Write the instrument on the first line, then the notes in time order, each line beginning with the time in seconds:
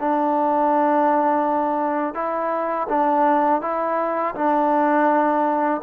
trombone
0.00 D4
2.15 E4
2.89 D4
3.61 E4
4.35 D4